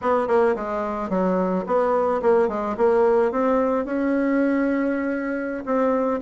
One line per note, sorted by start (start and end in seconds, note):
0.01 0.27 B3
0.27 0.55 A#3
0.55 1.09 G#3
1.09 1.64 F#3
1.66 2.21 B3
2.22 2.48 A#3
2.48 2.75 G#3
2.77 3.31 A#3
3.31 3.85 C4
3.85 5.64 C#4
5.65 6.20 C4